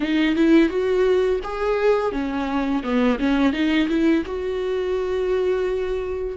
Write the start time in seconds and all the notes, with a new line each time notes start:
0.00 D#4
0.35 E4
0.69 F#4
1.43 G#4
2.12 C#4
2.83 B3
3.19 C#4
3.52 D#4
3.89 E4
4.25 F#4